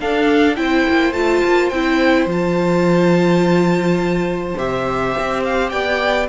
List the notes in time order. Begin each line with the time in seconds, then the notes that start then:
0.00 D4 A4 F5
0.56 C4 E4 C5 G5
0.90 A#3
1.13 A3 F4 A5
1.45 A#3
1.70 C4 E4 G5
2.26 F3 F4 A5
4.58 C3 G4 E5
5.19 C4
5.44 F5
5.70 B3 D5 G5